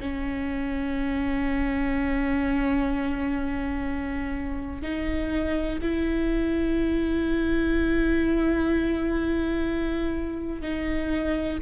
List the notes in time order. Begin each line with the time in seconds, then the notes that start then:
0.00 C#4
4.82 D#4
5.81 E4
10.61 D#4